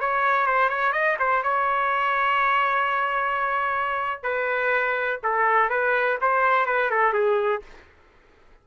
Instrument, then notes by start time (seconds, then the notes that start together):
trumpet
0.00 C#5
0.47 C5
0.69 C#5
0.93 D#5
1.19 C5
1.43 C#5
4.23 B4
5.24 A4
5.70 B4
6.22 C5
6.67 B4
6.91 A4
7.13 G#4